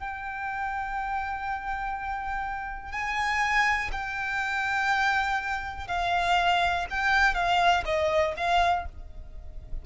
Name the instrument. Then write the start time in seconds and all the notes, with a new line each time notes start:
violin
0.00 G5
2.92 G#5
3.93 G5
5.88 F5
6.90 G5
7.35 F5
7.86 D#5
8.37 F5